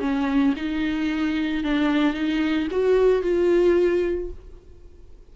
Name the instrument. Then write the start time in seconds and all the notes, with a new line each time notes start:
viola
0.00 C#4
0.56 D#4
1.64 D4
2.14 D#4
2.71 F#4
3.22 F4